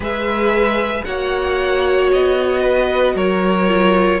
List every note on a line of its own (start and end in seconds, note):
0.00 1.01 G#3
0.00 1.05 G#4
0.00 1.04 B4
0.00 1.04 E5
1.04 2.12 A#3
1.04 3.68 F#4
1.04 2.61 C#5
1.04 2.09 F#5
2.12 3.14 B3
2.12 3.16 D#5
2.61 3.14 B4
3.14 4.20 F#3
3.14 4.20 A#4
3.14 4.20 C#5
3.68 4.20 F4